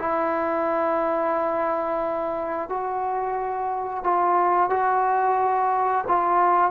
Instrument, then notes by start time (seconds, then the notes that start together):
trombone
0.00 E4
2.69 F#4
4.04 F4
4.70 F#4
6.08 F4